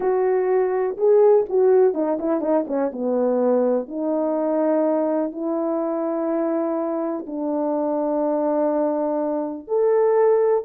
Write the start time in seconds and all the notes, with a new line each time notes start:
0.00 F#4
0.97 G#4
1.49 F#4
1.94 D#4
2.19 E4
2.40 D#4
2.67 C#4
2.92 B3
3.88 D#4
5.32 E4
7.26 D4
9.67 A4